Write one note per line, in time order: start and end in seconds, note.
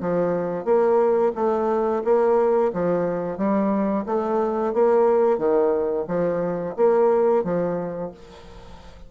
0.00 0.64 F3
0.64 1.32 A#3
1.35 2.02 A3
2.04 2.72 A#3
2.73 3.37 F3
3.37 4.04 G3
4.06 4.73 A3
4.73 5.38 A#3
5.38 6.05 D#3
6.07 6.75 F3
6.76 7.43 A#3
7.43 8.11 F3